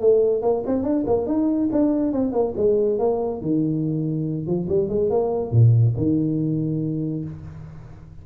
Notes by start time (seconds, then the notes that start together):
0.00 A3
0.42 A#3
0.66 C4
0.83 D4
1.06 A#3
1.26 D#4
1.72 D4
2.12 C4
2.32 A#3
2.57 G#3
2.98 A#3
3.41 D#3
4.46 F3
4.68 G3
4.89 G#3
5.10 A#3
5.51 A#2
5.96 D#3